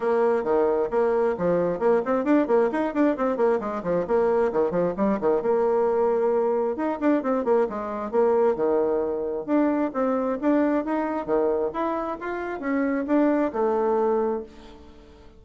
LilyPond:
\new Staff \with { instrumentName = "bassoon" } { \time 4/4 \tempo 4 = 133 ais4 dis4 ais4 f4 | ais8 c'8 d'8 ais8 dis'8 d'8 c'8 ais8 | gis8 f8 ais4 dis8 f8 g8 dis8 | ais2. dis'8 d'8 |
c'8 ais8 gis4 ais4 dis4~ | dis4 d'4 c'4 d'4 | dis'4 dis4 e'4 f'4 | cis'4 d'4 a2 | }